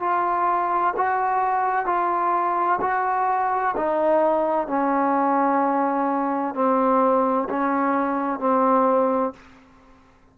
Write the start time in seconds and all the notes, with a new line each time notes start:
0.00 F4
0.97 F#4
1.86 F4
2.81 F#4
3.77 D#4
4.67 C#4
6.55 C4
7.50 C#4
8.39 C4